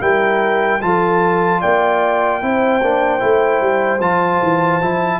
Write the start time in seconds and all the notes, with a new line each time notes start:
0.00 G3 E4 A#4 G5
0.81 F3 F4 A4 A5
1.60 A#3 D5 G5
2.41 C4 E4 C5
2.81 A#3 D4
3.19 A3 E4
3.60 G3
4.00 F3 F4 A5
4.42 E3
4.81 F3 E4